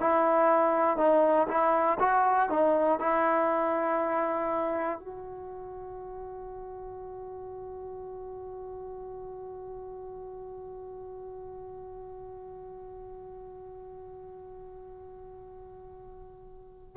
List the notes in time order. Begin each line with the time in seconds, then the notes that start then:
0.00 E4
0.98 D#4
1.48 E4
2.00 F#4
2.50 D#4
3.00 E4
5.00 F#4